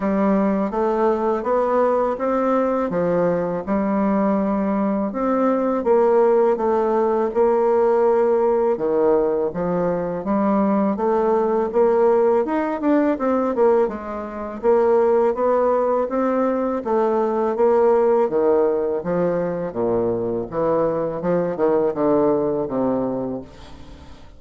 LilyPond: \new Staff \with { instrumentName = "bassoon" } { \time 4/4 \tempo 4 = 82 g4 a4 b4 c'4 | f4 g2 c'4 | ais4 a4 ais2 | dis4 f4 g4 a4 |
ais4 dis'8 d'8 c'8 ais8 gis4 | ais4 b4 c'4 a4 | ais4 dis4 f4 ais,4 | e4 f8 dis8 d4 c4 | }